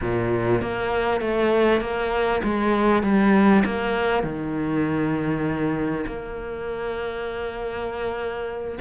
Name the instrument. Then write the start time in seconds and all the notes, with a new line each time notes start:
cello
0.01 A#2
0.61 A#3
1.20 A3
1.80 A#3
2.43 G#3
3.02 G3
3.65 A#3
4.23 D#3
6.06 A#3